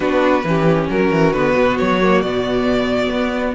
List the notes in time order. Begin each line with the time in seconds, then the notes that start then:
0.00 B3 D4 F#4 B4
0.44 E3 C#4 G4
0.89 F#3 F#4 A#4
1.11 E3
1.33 D3 B3 B4
1.56 B2
1.78 F#3 C#5
2.02 A#3
2.21 B2 B3 D5
3.10 B3